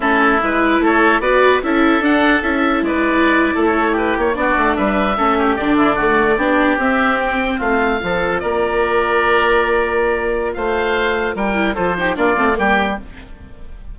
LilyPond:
<<
  \new Staff \with { instrumentName = "oboe" } { \time 4/4 \tempo 4 = 148 a'4 b'4 cis''4 d''4 | e''4 fis''4 e''4 d''4~ | d''4 cis''8. b'8 cis''8 d''4 e''16~ | e''4.~ e''16 d''2~ d''16~ |
d''8. e''4 g''4 f''4~ f''16~ | f''8. d''2.~ d''16~ | d''2 f''2 | g''4 c''4 d''4 g''4 | }
  \new Staff \with { instrumentName = "oboe" } { \time 4/4 e'2 a'4 b'4 | a'2. b'4~ | b'8. a'4 g'4 fis'4 b'16~ | b'8. a'8 g'4 e'8 fis'4 g'16~ |
g'2~ g'8. f'4 a'16~ | a'8. ais'2.~ ais'16~ | ais'2 c''2 | ais'4 a'8 g'8 f'4 g'4 | }
  \new Staff \with { instrumentName = "viola" } { \time 4/4 cis'4 e'2 fis'4 | e'4 d'4 e'2~ | e'2~ e'8. d'4~ d'16~ | d'8. cis'4 d'4 a4 d'16~ |
d'8. c'2. f'16~ | f'1~ | f'1~ | f'8 e'8 f'8 dis'8 d'8 c'8 ais4 | }
  \new Staff \with { instrumentName = "bassoon" } { \time 4/4 a4 gis4 a4 b4 | cis'4 d'4 cis'4 gis4~ | gis8. a4. ais8 b8 a8 g16~ | g8. a4 d2 b16~ |
b8. c'2 a4 f16~ | f8. ais2.~ ais16~ | ais2 a2 | g4 f4 ais8 a8 g4 | }
>>